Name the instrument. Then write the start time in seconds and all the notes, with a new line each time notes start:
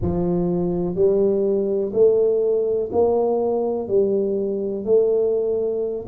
tuba
0.01 F3
0.95 G3
1.93 A3
2.92 A#3
3.88 G3
4.84 A3